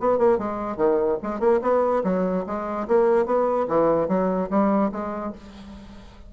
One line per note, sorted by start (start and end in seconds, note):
0.00 0.19 B3
0.19 0.38 A#3
0.38 0.77 G#3
0.77 1.18 D#3
1.23 1.40 G#3
1.40 1.60 A#3
1.62 2.03 B3
2.04 2.45 F#3
2.47 2.88 G#3
2.88 3.26 A#3
3.26 3.67 B3
3.68 4.08 E3
4.08 4.49 F#3
4.50 4.91 G3
4.92 5.33 G#3